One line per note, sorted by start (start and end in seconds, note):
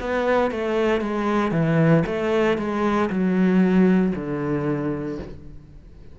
0.00 0.51 B3
0.51 1.01 A3
1.01 1.51 G#3
1.51 2.03 E3
2.06 2.58 A3
2.58 3.09 G#3
3.10 4.13 F#3
4.15 5.19 D3